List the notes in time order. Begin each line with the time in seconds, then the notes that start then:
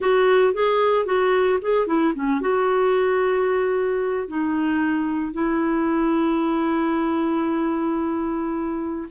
0.00 F#4
0.53 G#4
1.05 F#4
1.61 G#4
1.87 E4
2.15 C#4
2.41 F#4
4.28 D#4
5.33 E4